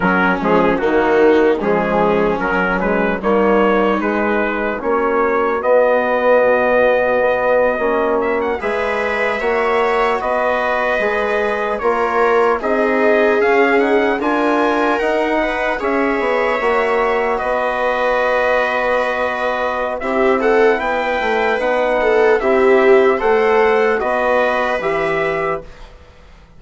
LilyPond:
<<
  \new Staff \with { instrumentName = "trumpet" } { \time 4/4 \tempo 4 = 75 ais'8 gis'8 fis'4 gis'4 ais'8 b'8 | cis''4 b'4 cis''4 dis''4~ | dis''2~ dis''16 e''16 fis''16 e''4~ e''16~ | e''8. dis''2 cis''4 dis''16~ |
dis''8. f''8 fis''8 gis''4 fis''4 e''16~ | e''4.~ e''16 dis''2~ dis''16~ | dis''4 e''8 fis''8 g''4 fis''4 | e''4 fis''4 dis''4 e''4 | }
  \new Staff \with { instrumentName = "viola" } { \time 4/4 cis'4 dis'4 cis'2 | dis'2 fis'2~ | fis'2~ fis'8. b'4 cis''16~ | cis''8. b'2 ais'4 gis'16~ |
gis'4.~ gis'16 ais'4. b'8 cis''16~ | cis''4.~ cis''16 b'2~ b'16~ | b'4 g'8 a'8 b'4. a'8 | g'4 c''4 b'2 | }
  \new Staff \with { instrumentName = "trombone" } { \time 4/4 fis8 gis8 ais4 gis4 fis8 gis8 | ais4 gis4 cis'4 b4~ | b4.~ b16 cis'4 gis'4 fis'16~ | fis'4.~ fis'16 gis'4 f'4 dis'16~ |
dis'8. cis'8 dis'8 f'4 dis'4 gis'16~ | gis'8. fis'2.~ fis'16~ | fis'4 e'2 dis'4 | e'4 a'4 fis'4 g'4 | }
  \new Staff \with { instrumentName = "bassoon" } { \time 4/4 fis8 f8 dis4 f4 fis4 | g4 gis4 ais4 b4 | b,4 b8. ais4 gis4 ais16~ | ais8. b4 gis4 ais4 c'16~ |
c'8. cis'4 d'4 dis'4 cis'16~ | cis'16 b8 ais4 b2~ b16~ | b4 c'4 b8 a8 b4 | c'4 a4 b4 e4 | }
>>